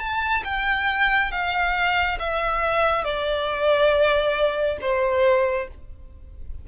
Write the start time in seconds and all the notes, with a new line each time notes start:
0.00 A5
0.45 G5
1.32 F5
2.20 E5
3.04 D5
4.81 C5